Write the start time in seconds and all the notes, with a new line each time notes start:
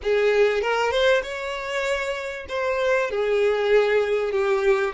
0.03 G#4
0.61 A#4
0.91 C5
1.22 C#5
2.48 C5
3.10 G#4
4.32 G4